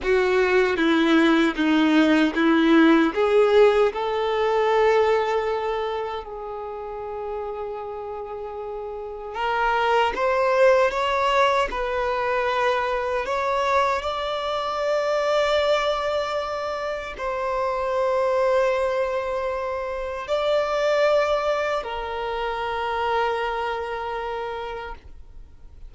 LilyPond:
\new Staff \with { instrumentName = "violin" } { \time 4/4 \tempo 4 = 77 fis'4 e'4 dis'4 e'4 | gis'4 a'2. | gis'1 | ais'4 c''4 cis''4 b'4~ |
b'4 cis''4 d''2~ | d''2 c''2~ | c''2 d''2 | ais'1 | }